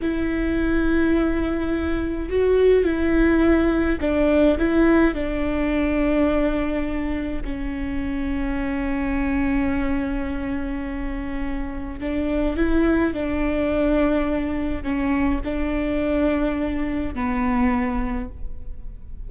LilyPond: \new Staff \with { instrumentName = "viola" } { \time 4/4 \tempo 4 = 105 e'1 | fis'4 e'2 d'4 | e'4 d'2.~ | d'4 cis'2.~ |
cis'1~ | cis'4 d'4 e'4 d'4~ | d'2 cis'4 d'4~ | d'2 b2 | }